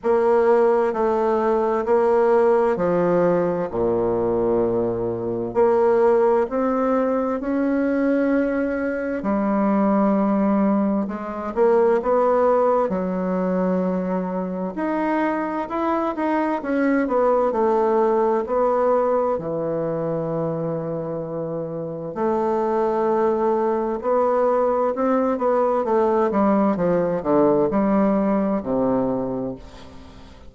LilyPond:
\new Staff \with { instrumentName = "bassoon" } { \time 4/4 \tempo 4 = 65 ais4 a4 ais4 f4 | ais,2 ais4 c'4 | cis'2 g2 | gis8 ais8 b4 fis2 |
dis'4 e'8 dis'8 cis'8 b8 a4 | b4 e2. | a2 b4 c'8 b8 | a8 g8 f8 d8 g4 c4 | }